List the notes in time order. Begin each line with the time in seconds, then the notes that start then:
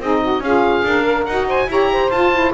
0.00 C4 D#4 G#4 D#5
0.21 F#4
0.39 C#4 F4 G#4 F5
0.84 D4 A#4
1.04 A#4
1.25 D#4 F#4 F#5
1.48 C5 G#5
1.67 E4 G4 C#5 A#5
1.92 C5
2.10 F4 A5
2.34 E4